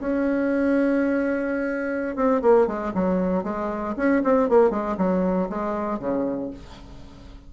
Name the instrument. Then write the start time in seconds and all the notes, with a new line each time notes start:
bassoon
0.00 C#4
2.16 C4
2.42 A#3
2.67 G#3
2.94 F#3
3.44 G#3
3.97 C#4
4.24 C4
4.49 A#3
4.71 G#3
4.97 F#3
5.50 G#3
5.99 C#3